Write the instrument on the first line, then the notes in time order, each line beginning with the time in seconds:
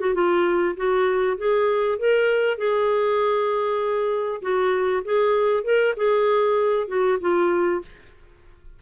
clarinet
0.00 F#4
0.14 F4
0.77 F#4
1.38 G#4
1.99 A#4
2.58 G#4
4.42 F#4
5.05 G#4
5.64 A#4
5.97 G#4
6.88 F#4
7.21 F4